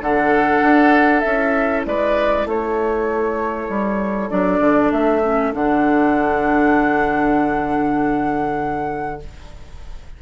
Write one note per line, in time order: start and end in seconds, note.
0.00 0.61 D3
0.00 1.25 D4
0.00 1.86 A4
0.00 1.20 F#5
0.62 1.23 D4
1.20 1.86 C#4
1.20 4.30 E4
1.20 1.81 E5
1.86 2.46 G#3
1.86 2.47 B4
1.86 2.47 D5
2.46 3.68 A3
2.46 9.21 A4
2.46 4.30 C#5
3.69 4.30 G3
4.30 4.60 F#3
4.30 5.22 D4
4.30 4.91 D5
4.60 4.90 D3
4.92 5.53 A3
4.92 5.53 E5
5.23 5.53 C#4
5.53 9.21 D3
5.53 9.20 D4
5.53 9.22 F#5